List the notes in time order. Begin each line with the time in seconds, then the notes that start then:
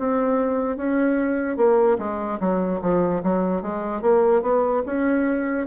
0.00 C4
0.77 C#4
1.57 A#3
1.99 G#3
2.41 F#3
2.82 F3
3.24 F#3
3.63 G#3
4.02 A#3
4.43 B3
4.87 C#4